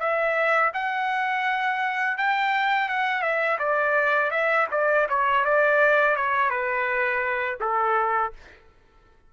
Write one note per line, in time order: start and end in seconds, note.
0.00 0.72 E5
0.74 2.18 F#5
2.18 2.89 G5
2.89 3.22 F#5
3.22 3.58 E5
3.59 4.31 D5
4.31 4.67 E5
4.72 5.08 D5
5.10 5.45 C#5
5.45 6.16 D5
6.16 6.50 C#5
6.50 7.59 B4
7.61 8.33 A4